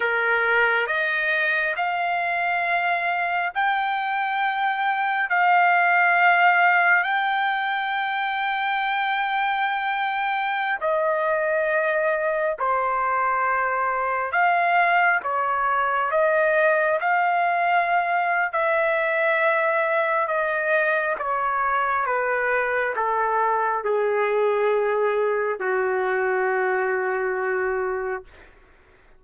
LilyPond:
\new Staff \with { instrumentName = "trumpet" } { \time 4/4 \tempo 4 = 68 ais'4 dis''4 f''2 | g''2 f''2 | g''1~ | g''16 dis''2 c''4.~ c''16~ |
c''16 f''4 cis''4 dis''4 f''8.~ | f''4 e''2 dis''4 | cis''4 b'4 a'4 gis'4~ | gis'4 fis'2. | }